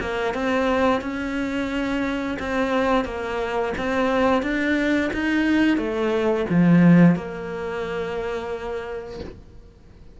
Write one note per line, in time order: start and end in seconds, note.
0.00 0.33 A#3
0.33 1.01 C4
1.01 2.37 C#4
2.39 3.04 C4
3.04 3.73 A#3
3.77 4.42 C4
4.42 5.10 D4
5.13 5.77 D#4
5.77 6.45 A3
6.49 7.15 F3
7.15 9.20 A#3